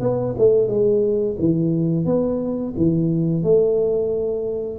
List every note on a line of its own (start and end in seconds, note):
0.00 0.34 B3
0.37 0.68 A3
0.68 1.36 G#3
1.39 2.05 E3
2.05 2.73 B3
2.76 3.43 E3
3.43 4.79 A3